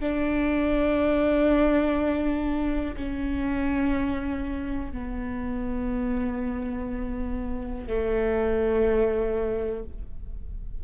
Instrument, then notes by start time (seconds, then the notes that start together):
viola
0.00 D4
2.96 C#4
4.92 B3
7.87 A3